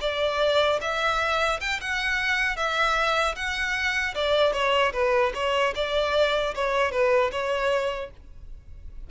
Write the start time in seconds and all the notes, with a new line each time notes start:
0.00 D5
0.81 E5
1.60 G5
1.81 F#5
2.56 E5
3.35 F#5
4.14 D5
4.53 C#5
4.92 B4
5.34 C#5
5.75 D5
6.54 C#5
6.91 B4
7.31 C#5